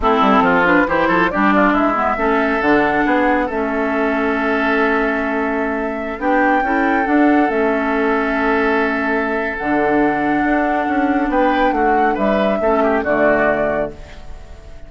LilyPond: <<
  \new Staff \with { instrumentName = "flute" } { \time 4/4 \tempo 4 = 138 a'4. b'8 c''4 d''4 | e''2 fis''2 | e''1~ | e''2~ e''16 g''4.~ g''16~ |
g''16 fis''4 e''2~ e''8.~ | e''2 fis''2~ | fis''2 g''4 fis''4 | e''2 d''2 | }
  \new Staff \with { instrumentName = "oboe" } { \time 4/4 e'4 f'4 g'8 a'8 g'8 f'8 | e'4 a'2 gis'4 | a'1~ | a'2~ a'16 g'4 a'8.~ |
a'1~ | a'1~ | a'2 b'4 fis'4 | b'4 a'8 g'8 fis'2 | }
  \new Staff \with { instrumentName = "clarinet" } { \time 4/4 c'4. d'8 e'4 d'4~ | d'8 b8 cis'4 d'2 | cis'1~ | cis'2~ cis'16 d'4 e'8.~ |
e'16 d'4 cis'2~ cis'8.~ | cis'2 d'2~ | d'1~ | d'4 cis'4 a2 | }
  \new Staff \with { instrumentName = "bassoon" } { \time 4/4 a8 g8 f4 e8 f8 g4 | gis4 a4 d4 b4 | a1~ | a2~ a16 b4 cis'8.~ |
cis'16 d'4 a2~ a8.~ | a2 d2 | d'4 cis'4 b4 a4 | g4 a4 d2 | }
>>